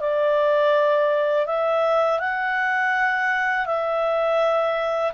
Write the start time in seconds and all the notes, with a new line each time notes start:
0.00 D5
1.46 E5
2.20 F#5
3.66 E5